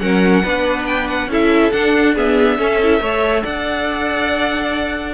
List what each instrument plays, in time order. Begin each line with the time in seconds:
0.00 cello F#3, viola C#4, violin A#4 F#5
0.43 cello B3, viola D4, violin B4
0.87 violin G5
1.09 violin F#5
1.27 cello C#4, viola E4, violin A4
1.33 violin E5
1.72 viola D4, cello D4, violin F#5
2.15 viola B3, violin G#4 E5
2.58 viola C#4, cello C#4, violin A4
2.83 viola E4
3.01 cello A3, viola A4, violin C#5
3.44 cello D4, violin D5 F#5